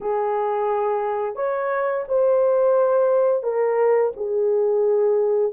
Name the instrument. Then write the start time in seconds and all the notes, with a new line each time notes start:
horn
0.01 G#4
1.35 C#5
2.08 C5
3.43 A#4
4.16 G#4